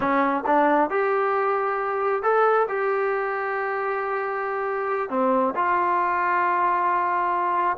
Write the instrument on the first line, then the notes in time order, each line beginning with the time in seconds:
trombone
0.00 C#4
0.46 D4
0.90 G4
2.22 A4
2.68 G4
5.09 C4
5.55 F4